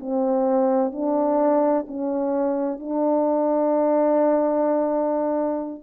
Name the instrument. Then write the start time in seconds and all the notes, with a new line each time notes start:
horn
0.00 C4
0.92 D4
1.87 C#4
2.79 D4